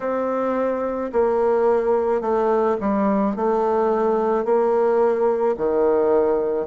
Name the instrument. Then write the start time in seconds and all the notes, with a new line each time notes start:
bassoon
0.00 C4
1.12 A#3
2.21 A3
2.80 G3
3.36 A3
4.44 A#3
5.57 D#3